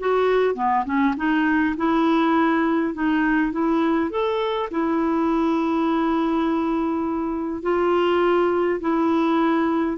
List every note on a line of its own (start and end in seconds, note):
0.00 0.55 F#4
0.55 0.85 B3
0.86 1.15 C#4
1.17 1.76 D#4
1.77 2.95 E4
2.95 3.53 D#4
3.53 4.11 E4
4.11 4.70 A4
4.71 7.63 E4
7.63 8.80 F4
8.81 9.98 E4